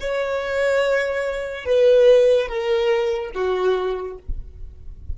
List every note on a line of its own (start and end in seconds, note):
0.00 1.66 C#5
1.66 2.48 B4
2.48 3.31 A#4
3.34 4.18 F#4